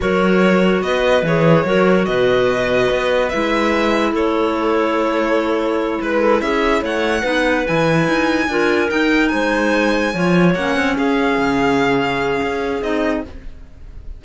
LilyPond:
<<
  \new Staff \with { instrumentName = "violin" } { \time 4/4 \tempo 4 = 145 cis''2 dis''4 cis''4~ | cis''4 dis''2. | e''2 cis''2~ | cis''2~ cis''8 b'4 e''8~ |
e''8 fis''2 gis''4.~ | gis''4. g''4 gis''4.~ | gis''4. fis''4 f''4.~ | f''2. dis''4 | }
  \new Staff \with { instrumentName = "clarinet" } { \time 4/4 ais'2 b'2 | ais'4 b'2.~ | b'2 a'2~ | a'2~ a'8 b'8 a'8 gis'8~ |
gis'8 cis''4 b'2~ b'8~ | b'8 ais'2 c''4.~ | c''8 cis''2 gis'4.~ | gis'1 | }
  \new Staff \with { instrumentName = "clarinet" } { \time 4/4 fis'2. gis'4 | fis'1 | e'1~ | e'1~ |
e'4. dis'4 e'4.~ | e'8 f'4 dis'2~ dis'8~ | dis'8 f'4 cis'2~ cis'8~ | cis'2. dis'4 | }
  \new Staff \with { instrumentName = "cello" } { \time 4/4 fis2 b4 e4 | fis4 b,2 b4 | gis2 a2~ | a2~ a8 gis4 cis'8~ |
cis'8 a4 b4 e4 dis'8~ | dis'8 d'4 dis'4 gis4.~ | gis8 f4 ais8 c'8 cis'4 cis8~ | cis2 cis'4 c'4 | }
>>